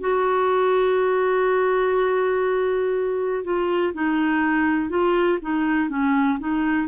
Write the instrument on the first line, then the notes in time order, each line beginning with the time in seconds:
clarinet
0.00 F#4
3.44 F4
3.94 D#4
4.89 F4
5.42 D#4
5.89 C#4
6.39 D#4